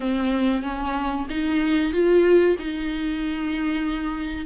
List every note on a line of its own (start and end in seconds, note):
0.00 0.62 C4
0.62 1.26 C#4
1.29 1.93 D#4
1.93 2.56 F4
2.59 4.46 D#4